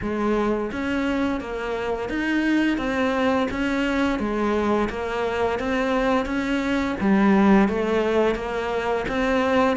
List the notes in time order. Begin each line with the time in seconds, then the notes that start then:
0.01 G#3
0.72 C#4
1.40 A#3
2.09 D#4
2.77 C4
3.50 C#4
4.19 G#3
4.89 A#3
5.59 C4
6.25 C#4
7.00 G3
7.68 A3
8.35 A#3
9.08 C4